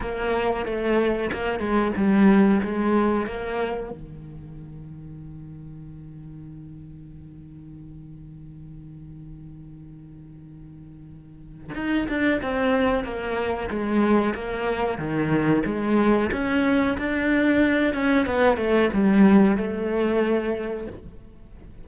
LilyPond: \new Staff \with { instrumentName = "cello" } { \time 4/4 \tempo 4 = 92 ais4 a4 ais8 gis8 g4 | gis4 ais4 dis2~ | dis1~ | dis1~ |
dis2 dis'8 d'8 c'4 | ais4 gis4 ais4 dis4 | gis4 cis'4 d'4. cis'8 | b8 a8 g4 a2 | }